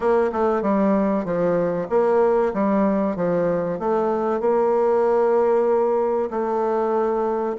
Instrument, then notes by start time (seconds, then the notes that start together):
bassoon
0.00 A#3
0.32 A3
0.61 G3
1.24 F3
1.89 A#3
2.53 G3
3.16 F3
3.79 A3
4.40 A#3
6.30 A3